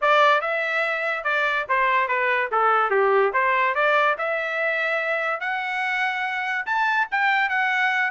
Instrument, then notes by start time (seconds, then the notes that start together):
trumpet
0.01 D5
0.41 E5
1.24 D5
1.68 C5
2.08 B4
2.51 A4
2.90 G4
3.33 C5
3.74 D5
4.18 E5
5.40 F#5
6.66 A5
7.11 G5
7.49 F#5